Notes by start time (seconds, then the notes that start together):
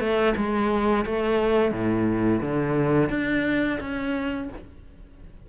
0.00 A3
0.36 G#3
1.05 A3
1.71 A2
2.41 D3
3.10 D4
3.80 C#4